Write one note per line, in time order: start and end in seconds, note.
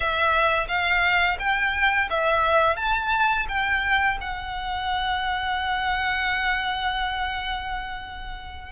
0.00 0.67 E5
0.68 1.37 F5
1.39 2.08 G5
2.10 2.76 E5
2.76 3.46 A5
3.48 4.18 G5
4.21 8.72 F#5